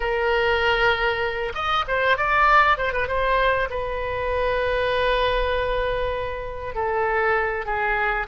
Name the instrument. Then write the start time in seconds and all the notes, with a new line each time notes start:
oboe
0.00 A#4
1.54 D#5
1.87 C5
2.17 D5
2.77 C5
2.92 B4
3.07 C5
3.70 B4
6.74 A4
7.65 G#4